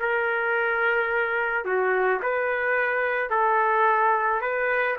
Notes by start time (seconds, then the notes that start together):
0.00 A#4
1.65 F#4
2.22 B4
3.30 A4
4.41 B4